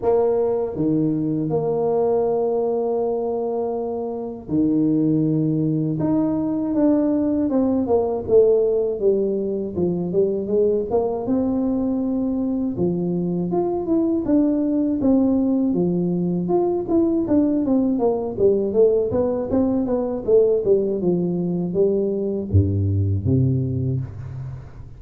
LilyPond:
\new Staff \with { instrumentName = "tuba" } { \time 4/4 \tempo 4 = 80 ais4 dis4 ais2~ | ais2 dis2 | dis'4 d'4 c'8 ais8 a4 | g4 f8 g8 gis8 ais8 c'4~ |
c'4 f4 f'8 e'8 d'4 | c'4 f4 f'8 e'8 d'8 c'8 | ais8 g8 a8 b8 c'8 b8 a8 g8 | f4 g4 g,4 c4 | }